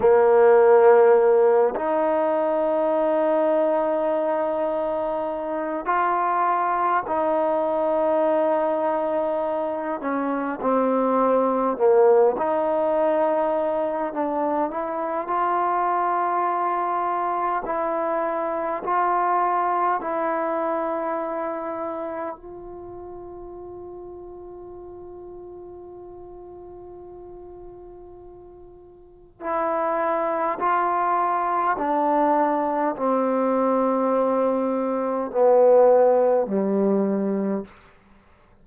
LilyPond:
\new Staff \with { instrumentName = "trombone" } { \time 4/4 \tempo 4 = 51 ais4. dis'2~ dis'8~ | dis'4 f'4 dis'2~ | dis'8 cis'8 c'4 ais8 dis'4. | d'8 e'8 f'2 e'4 |
f'4 e'2 f'4~ | f'1~ | f'4 e'4 f'4 d'4 | c'2 b4 g4 | }